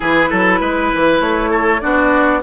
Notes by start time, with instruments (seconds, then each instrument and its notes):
0.00 bassoon E3, clarinet E4, oboe G#4, flute B4
0.29 bassoon F#3, oboe A4
0.60 bassoon G#3, oboe B4
0.94 bassoon E3
1.20 bassoon A3, flute C#5
1.50 oboe A4
1.81 bassoon B3, clarinet D4, oboe F#4, flute D5